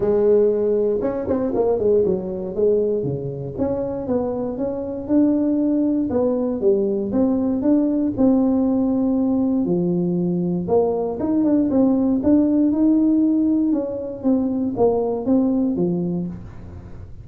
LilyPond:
\new Staff \with { instrumentName = "tuba" } { \time 4/4 \tempo 4 = 118 gis2 cis'8 c'8 ais8 gis8 | fis4 gis4 cis4 cis'4 | b4 cis'4 d'2 | b4 g4 c'4 d'4 |
c'2. f4~ | f4 ais4 dis'8 d'8 c'4 | d'4 dis'2 cis'4 | c'4 ais4 c'4 f4 | }